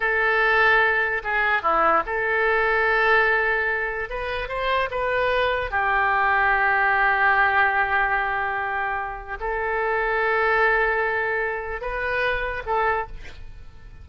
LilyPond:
\new Staff \with { instrumentName = "oboe" } { \time 4/4 \tempo 4 = 147 a'2. gis'4 | e'4 a'2.~ | a'2 b'4 c''4 | b'2 g'2~ |
g'1~ | g'2. a'4~ | a'1~ | a'4 b'2 a'4 | }